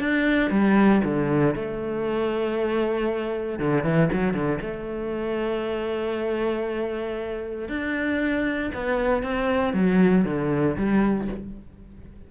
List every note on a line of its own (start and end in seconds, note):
0.00 0.51 D4
0.51 1.02 G3
1.04 1.55 D3
1.55 3.59 A3
3.59 3.83 D3
3.83 4.09 E3
4.13 4.34 F#3
4.34 4.60 D3
4.61 7.69 A3
7.69 8.71 D4
8.74 9.23 B3
9.23 9.74 C4
9.74 10.25 F#3
10.25 10.76 D3
10.77 11.28 G3